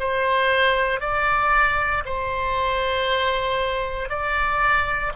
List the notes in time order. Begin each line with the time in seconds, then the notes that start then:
0.00 C5
1.01 D5
2.05 C5
4.10 D5